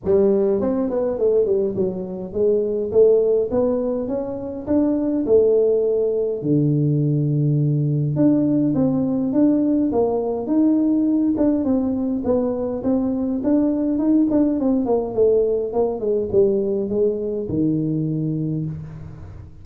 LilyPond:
\new Staff \with { instrumentName = "tuba" } { \time 4/4 \tempo 4 = 103 g4 c'8 b8 a8 g8 fis4 | gis4 a4 b4 cis'4 | d'4 a2 d4~ | d2 d'4 c'4 |
d'4 ais4 dis'4. d'8 | c'4 b4 c'4 d'4 | dis'8 d'8 c'8 ais8 a4 ais8 gis8 | g4 gis4 dis2 | }